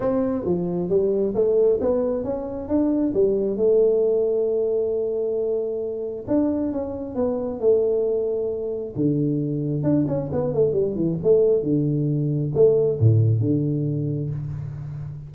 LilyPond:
\new Staff \with { instrumentName = "tuba" } { \time 4/4 \tempo 4 = 134 c'4 f4 g4 a4 | b4 cis'4 d'4 g4 | a1~ | a2 d'4 cis'4 |
b4 a2. | d2 d'8 cis'8 b8 a8 | g8 e8 a4 d2 | a4 a,4 d2 | }